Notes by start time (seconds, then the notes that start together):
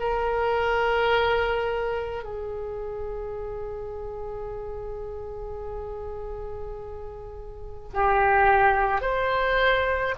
0.00 A#4
2.23 G#4
7.93 G4
9.02 C5